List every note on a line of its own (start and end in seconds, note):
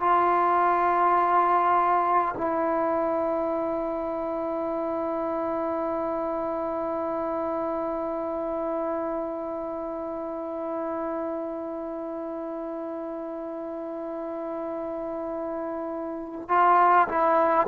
0.00 2.35 F4
2.38 16.49 E4
16.49 17.08 F4
17.09 17.67 E4